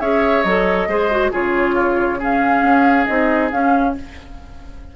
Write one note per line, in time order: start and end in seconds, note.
0.00 0.44 C#4
0.00 0.44 G#4
0.00 0.88 C#5
0.00 0.43 E5
0.43 0.87 F#3
0.43 0.89 A4
0.43 1.30 D#5
0.87 1.31 G#3
0.87 1.11 G#4
0.87 1.31 C5
1.11 1.32 F#4
1.31 2.62 C#3
1.31 2.19 F4
1.31 1.75 G#4
1.31 2.22 C#5
1.75 2.19 F4
2.19 3.06 C#4
2.19 3.94 G#4
2.19 3.06 F5
2.62 3.06 C#4
3.06 3.52 C4
3.06 3.50 D#4
3.06 3.49 D#5
3.51 3.95 C#4
3.51 3.96 C#4
3.51 3.95 F5